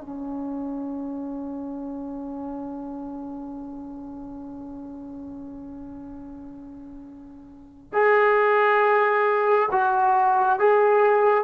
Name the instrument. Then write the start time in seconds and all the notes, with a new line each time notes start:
trombone
0.00 C#4
7.93 G#4
9.71 F#4
10.59 G#4